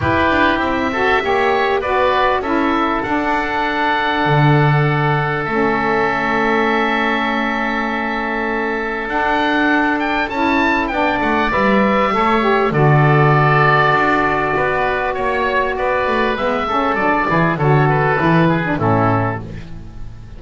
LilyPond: <<
  \new Staff \with { instrumentName = "oboe" } { \time 4/4 \tempo 4 = 99 b'4 e''2 d''4 | e''4 fis''2.~ | fis''4 e''2.~ | e''2. fis''4~ |
fis''8 g''8 a''4 g''8 fis''8 e''4~ | e''4 d''2.~ | d''4 cis''4 d''4 e''4 | d''4 cis''8 b'4. a'4 | }
  \new Staff \with { instrumentName = "oboe" } { \time 4/4 g'4. a'8 cis''4 b'4 | a'1~ | a'1~ | a'1~ |
a'2 d''2 | cis''4 a'2. | b'4 cis''4 b'4. a'8~ | a'8 gis'8 a'4. gis'8 e'4 | }
  \new Staff \with { instrumentName = "saxophone" } { \time 4/4 e'4. fis'8 g'4 fis'4 | e'4 d'2.~ | d'4 cis'2.~ | cis'2. d'4~ |
d'4 e'4 d'4 b'4 | a'8 g'8 fis'2.~ | fis'2. b8 cis'8 | d'8 e'8 fis'4 e'8. d'16 cis'4 | }
  \new Staff \with { instrumentName = "double bass" } { \time 4/4 e'8 d'8 c'4 ais4 b4 | cis'4 d'2 d4~ | d4 a2.~ | a2. d'4~ |
d'4 cis'4 b8 a8 g4 | a4 d2 d'4 | b4 ais4 b8 a8 gis4 | fis8 e8 d4 e4 a,4 | }
>>